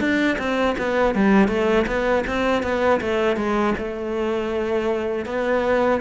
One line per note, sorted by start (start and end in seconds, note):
0.00 0.38 D4
0.39 0.76 C4
0.78 1.15 B3
1.15 1.48 G3
1.48 1.85 A3
1.87 2.24 B3
2.27 2.63 C4
2.63 3.01 B3
3.01 3.36 A3
3.36 3.74 G#3
3.78 5.26 A3
5.26 6.01 B3